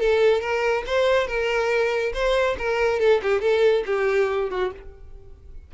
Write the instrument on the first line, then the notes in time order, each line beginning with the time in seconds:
violin
0.00 A4
0.41 A#4
0.86 C5
1.27 A#4
2.14 C5
2.58 A#4
3.00 A4
3.22 G4
3.41 A4
3.86 G4
4.50 F#4